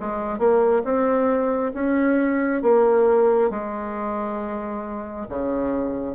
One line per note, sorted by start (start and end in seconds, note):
0.00 0.39 G#3
0.39 0.83 A#3
0.85 1.73 C4
1.74 2.63 C#4
2.63 3.51 A#3
3.51 5.27 G#3
5.29 6.16 C#3